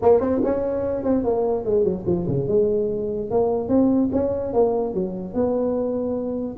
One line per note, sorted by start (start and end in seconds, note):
0.02 0.20 A#3
0.20 0.41 C4
0.44 1.03 C#4
1.03 1.24 C4
1.24 1.64 A#3
1.64 1.84 G#3
1.84 2.04 F#3
2.06 2.27 F3
2.27 2.48 C#3
2.48 3.30 G#3
3.30 3.68 A#3
3.68 4.09 C4
4.12 4.53 C#4
4.53 4.93 A#3
4.93 5.33 F#3
5.33 6.57 B3